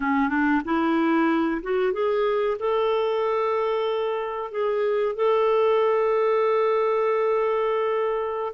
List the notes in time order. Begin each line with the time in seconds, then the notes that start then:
0.00 C#4
0.29 D4
0.64 E4
1.62 F#4
1.92 G#4
2.59 A4
4.51 G#4
5.15 A4